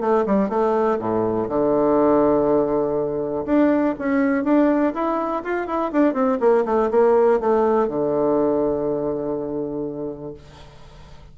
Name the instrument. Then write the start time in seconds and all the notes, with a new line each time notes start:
bassoon
0.00 A3
0.26 G3
0.49 A3
0.99 A2
1.48 D3
3.45 D4
3.99 C#4
4.44 D4
4.94 E4
5.43 F4
5.66 E4
5.92 D4
6.13 C4
6.40 A#3
6.65 A3
6.91 A#3
7.39 A3
7.88 D3